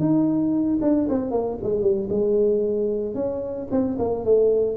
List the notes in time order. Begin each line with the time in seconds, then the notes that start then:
0.00 D#4
0.82 D4
1.09 C4
1.31 A#3
1.63 G#3
1.82 G3
2.10 G#3
3.15 C#4
3.71 C4
3.99 A#3
4.25 A3